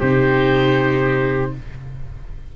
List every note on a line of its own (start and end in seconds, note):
0.00 1.54 C3
0.00 1.56 D#4
0.00 1.53 G4
0.00 1.53 C5